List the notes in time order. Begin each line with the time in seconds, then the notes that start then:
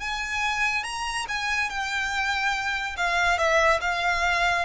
0.00 G#5
0.83 A#5
1.28 G#5
1.69 G5
2.97 F5
3.38 E5
3.81 F5